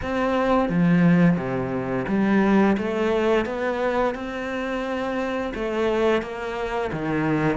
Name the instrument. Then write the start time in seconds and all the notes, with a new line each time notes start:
cello
0.02 C4
0.69 F3
1.36 C3
2.08 G3
2.77 A3
3.45 B3
4.14 C4
5.54 A3
6.22 A#3
6.92 D#3